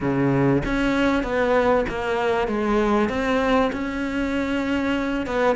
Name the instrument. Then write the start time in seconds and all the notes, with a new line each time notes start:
cello
0.00 C#3
0.65 C#4
1.23 B3
1.88 A#3
2.47 G#3
3.09 C4
3.72 C#4
5.26 B3